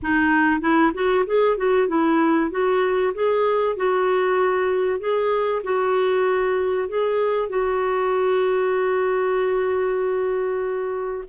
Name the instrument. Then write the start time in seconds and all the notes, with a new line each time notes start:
clarinet
0.02 D#4
0.61 E4
0.94 F#4
1.26 G#4
1.57 F#4
1.88 E4
2.50 F#4
3.14 G#4
3.76 F#4
4.99 G#4
5.63 F#4
6.88 G#4
7.49 F#4